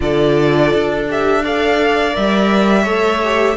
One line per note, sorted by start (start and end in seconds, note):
0.00 0.72 D3
0.00 1.06 F4
0.00 1.43 A4
0.00 1.08 D5
0.73 2.15 D4
1.08 1.44 G4
1.08 1.44 E5
1.43 2.11 A4
1.43 2.83 D5
1.43 2.15 F5
2.11 2.86 G3
2.11 2.83 A#4
2.11 3.57 E5
2.83 3.57 A3
2.83 3.21 A4
2.83 3.54 C#5
3.23 3.57 G4